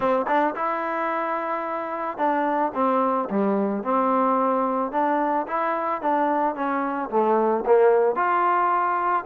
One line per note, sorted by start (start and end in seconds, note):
0.00 0.26 C4
0.27 0.54 D4
0.55 2.17 E4
2.17 2.71 D4
2.74 3.29 C4
3.30 3.83 G3
3.83 4.91 C4
4.91 5.46 D4
5.47 6.01 E4
6.01 6.55 D4
6.55 7.09 C#4
7.10 7.64 A3
7.65 8.15 A#3
8.15 9.24 F4